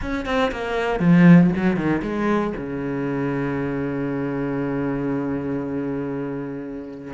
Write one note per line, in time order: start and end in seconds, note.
0.01 0.25 C#4
0.25 0.51 C4
0.51 0.99 A#3
0.99 1.50 F3
1.56 1.76 F#3
1.76 2.01 D#3
2.02 2.53 G#3
2.56 7.13 C#3